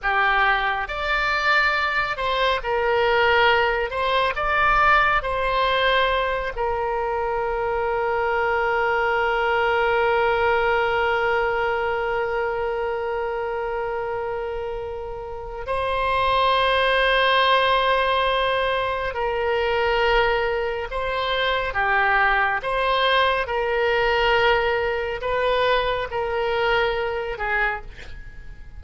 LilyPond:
\new Staff \with { instrumentName = "oboe" } { \time 4/4 \tempo 4 = 69 g'4 d''4. c''8 ais'4~ | ais'8 c''8 d''4 c''4. ais'8~ | ais'1~ | ais'1~ |
ais'2 c''2~ | c''2 ais'2 | c''4 g'4 c''4 ais'4~ | ais'4 b'4 ais'4. gis'8 | }